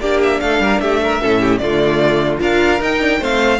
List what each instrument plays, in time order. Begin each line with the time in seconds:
0.00 cello A#3, viola D4, violin G4 D5
0.23 violin E5
0.40 cello A3, violin A4 F5
0.59 cello G3, violin A#4
0.80 cello A3, violin G4 E5
1.03 violin A#4
1.21 cello A2, viola C#4, violin A4
1.40 violin G4
1.58 cello D3, viola A3, violin F4 D5
2.39 cello D4, viola F4, violin A#4 F5
2.80 cello D#4, viola D#4, violin G5
3.00 viola D4
3.19 cello A3, viola C4, violin C5 F5